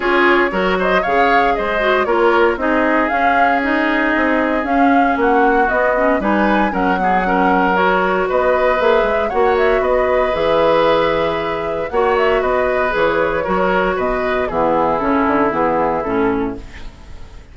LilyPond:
<<
  \new Staff \with { instrumentName = "flute" } { \time 4/4 \tempo 4 = 116 cis''4. dis''8 f''4 dis''4 | cis''4 dis''4 f''4 dis''4~ | dis''4 f''4 fis''4 dis''4 | gis''4 fis''2 cis''4 |
dis''4 e''4 fis''8 e''8 dis''4 | e''2. fis''8 e''8 | dis''4 cis''2 dis''4 | gis'4 a'4 gis'4 a'4 | }
  \new Staff \with { instrumentName = "oboe" } { \time 4/4 gis'4 ais'8 c''8 cis''4 c''4 | ais'4 gis'2.~ | gis'2 fis'2 | b'4 ais'8 gis'8 ais'2 |
b'2 cis''4 b'4~ | b'2. cis''4 | b'2 ais'4 b'4 | e'1 | }
  \new Staff \with { instrumentName = "clarinet" } { \time 4/4 f'4 fis'4 gis'4. fis'8 | f'4 dis'4 cis'4 dis'4~ | dis'4 cis'2 b8 cis'8 | dis'4 cis'8 b8 cis'4 fis'4~ |
fis'4 gis'4 fis'2 | gis'2. fis'4~ | fis'4 gis'4 fis'2 | b4 cis'4 b4 cis'4 | }
  \new Staff \with { instrumentName = "bassoon" } { \time 4/4 cis'4 fis4 cis4 gis4 | ais4 c'4 cis'2 | c'4 cis'4 ais4 b4 | g4 fis2. |
b4 ais8 gis8 ais4 b4 | e2. ais4 | b4 e4 fis4 b,4 | e4 cis8 d8 e4 a,4 | }
>>